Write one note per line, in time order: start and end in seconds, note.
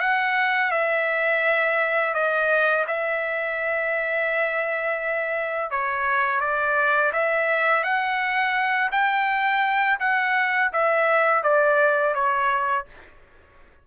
0.00 0.71 F#5
0.71 2.14 E5
2.14 2.85 D#5
2.87 5.71 E5
5.71 6.40 C#5
6.40 7.12 D5
7.13 7.83 E5
7.83 8.91 F#5
8.92 9.99 G5
10.00 10.71 F#5
10.73 11.43 E5
11.43 12.14 D5
12.14 12.86 C#5